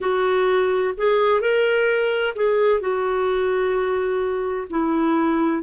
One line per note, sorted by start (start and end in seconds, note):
0.00 0.94 F#4
0.97 1.40 G#4
1.40 2.34 A#4
2.35 2.80 G#4
2.80 4.67 F#4
4.70 5.62 E4